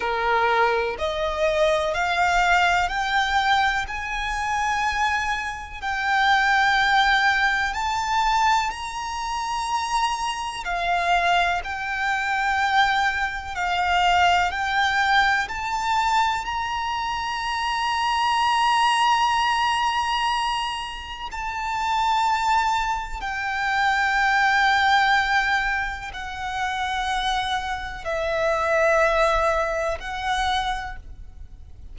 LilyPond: \new Staff \with { instrumentName = "violin" } { \time 4/4 \tempo 4 = 62 ais'4 dis''4 f''4 g''4 | gis''2 g''2 | a''4 ais''2 f''4 | g''2 f''4 g''4 |
a''4 ais''2.~ | ais''2 a''2 | g''2. fis''4~ | fis''4 e''2 fis''4 | }